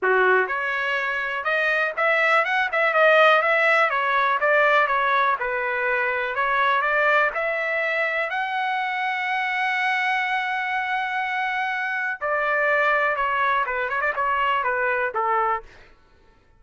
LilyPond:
\new Staff \with { instrumentName = "trumpet" } { \time 4/4 \tempo 4 = 123 fis'4 cis''2 dis''4 | e''4 fis''8 e''8 dis''4 e''4 | cis''4 d''4 cis''4 b'4~ | b'4 cis''4 d''4 e''4~ |
e''4 fis''2.~ | fis''1~ | fis''4 d''2 cis''4 | b'8 cis''16 d''16 cis''4 b'4 a'4 | }